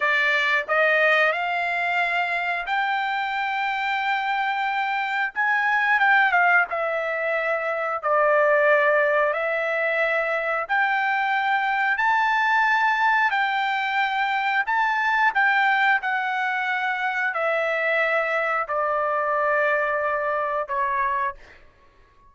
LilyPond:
\new Staff \with { instrumentName = "trumpet" } { \time 4/4 \tempo 4 = 90 d''4 dis''4 f''2 | g''1 | gis''4 g''8 f''8 e''2 | d''2 e''2 |
g''2 a''2 | g''2 a''4 g''4 | fis''2 e''2 | d''2. cis''4 | }